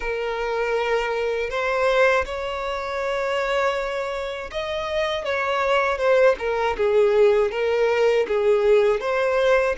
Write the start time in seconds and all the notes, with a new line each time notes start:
0.00 A#4
1.50 C5
2.25 C#5
4.51 D#5
5.25 C#5
5.98 C5
6.39 A#4
6.77 G#4
7.51 A#4
8.27 G#4
9.00 C5